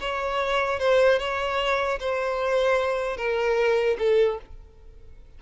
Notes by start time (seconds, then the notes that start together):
0.00 C#5
0.79 C5
1.19 C#5
2.00 C5
3.17 A#4
3.98 A4